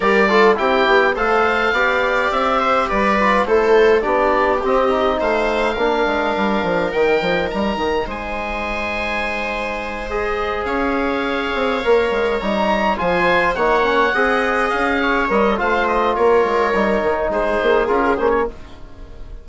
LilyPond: <<
  \new Staff \with { instrumentName = "oboe" } { \time 4/4 \tempo 4 = 104 d''4 g''4 f''2 | e''4 d''4 c''4 d''4 | dis''4 f''2. | g''4 ais''4 gis''2~ |
gis''4. dis''4 f''4.~ | f''4. ais''4 gis''4 fis''8~ | fis''4. f''4 dis''8 f''8 dis''8 | cis''2 c''4 ais'8 c''16 cis''16 | }
  \new Staff \with { instrumentName = "viola" } { \time 4/4 ais'8 a'8 g'4 c''4 d''4~ | d''8 c''8 b'4 a'4 g'4~ | g'4 c''4 ais'2~ | ais'2 c''2~ |
c''2~ c''8 cis''4.~ | cis''2~ cis''8 c''4 cis''8~ | cis''8 dis''4. cis''4 c''4 | ais'2 gis'2 | }
  \new Staff \with { instrumentName = "trombone" } { \time 4/4 g'8 f'8 e'4 a'4 g'4~ | g'4. f'8 e'4 d'4 | c'8 dis'4. d'2 | dis'1~ |
dis'4. gis'2~ gis'8~ | gis'8 ais'4 dis'4 f'4 dis'8 | cis'8 gis'2 ais'8 f'4~ | f'4 dis'2 f'8 cis'8 | }
  \new Staff \with { instrumentName = "bassoon" } { \time 4/4 g4 c'8 b8 a4 b4 | c'4 g4 a4 b4 | c'4 a4 ais8 gis8 g8 f8 | dis8 f8 g8 dis8 gis2~ |
gis2~ gis8 cis'4. | c'8 ais8 gis8 g4 f4 ais8~ | ais8 c'4 cis'4 g8 a4 | ais8 gis8 g8 dis8 gis8 ais8 cis'8 ais8 | }
>>